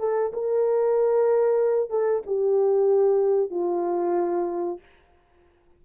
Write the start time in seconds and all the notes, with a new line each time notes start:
0.00 A4
0.33 A#4
1.91 A4
2.27 G4
3.51 F4